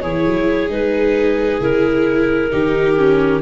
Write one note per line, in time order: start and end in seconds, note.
0.00 0.25 E3
0.00 0.69 E4
0.00 2.51 G#4
0.00 0.68 C#5
0.27 0.69 F#3
0.69 1.59 G#3
0.69 1.60 D#4
0.69 1.62 B4
1.59 2.50 C#3
1.59 2.51 E4
1.59 3.42 A#4
2.51 3.42 D#3
2.51 2.96 D#4
2.51 3.42 G4
2.97 3.42 C#4